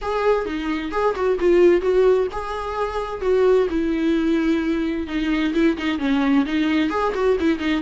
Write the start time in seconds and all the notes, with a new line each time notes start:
0.01 G#4
0.45 D#4
0.91 G#4
1.15 F#4
1.39 F4
1.81 F#4
2.32 G#4
3.21 F#4
3.69 E4
5.07 D#4
5.53 E4
5.77 D#4
5.99 C#4
6.45 D#4
6.90 G#4
7.14 F#4
7.40 E4
7.58 D#4